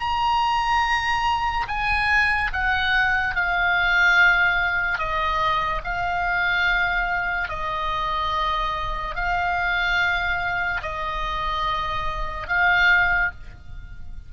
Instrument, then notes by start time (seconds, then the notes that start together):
oboe
0.00 A#5
1.68 G#5
2.53 F#5
3.35 F5
4.98 D#5
5.84 F5
7.49 D#5
9.15 F5
10.83 D#5
12.48 F5